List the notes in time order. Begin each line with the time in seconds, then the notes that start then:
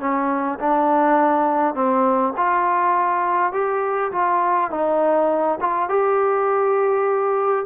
0.00 C#4
0.59 D4
1.75 C4
2.37 F4
3.52 G4
4.12 F4
4.71 D#4
5.61 F4
5.89 G4